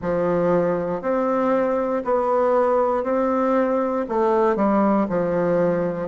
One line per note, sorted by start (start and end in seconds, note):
0.01 1.01 F3
1.01 2.03 C4
2.04 3.03 B3
3.03 4.05 C4
4.09 4.56 A3
4.56 5.07 G3
5.09 6.08 F3